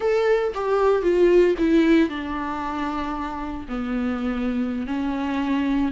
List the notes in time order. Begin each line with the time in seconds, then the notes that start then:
0.00 A4
0.54 G4
1.02 F4
1.58 E4
2.09 D4
3.68 B3
4.87 C#4